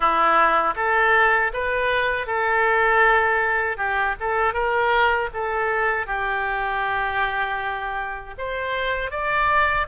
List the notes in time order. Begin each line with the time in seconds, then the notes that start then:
0.00 E4
0.76 A4
1.53 B4
2.26 A4
3.77 G4
4.20 A4
4.53 A#4
5.33 A4
6.06 G4
8.38 C5
9.10 D5